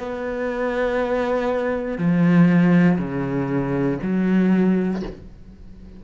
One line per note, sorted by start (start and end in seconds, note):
0.00 1.98 B3
1.98 2.98 F3
2.99 3.99 C#3
4.03 5.03 F#3